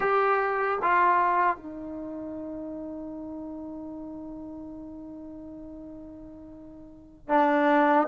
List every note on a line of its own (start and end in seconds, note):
0.00 0.79 G4
0.81 1.56 F4
1.56 7.28 D#4
7.28 8.07 D4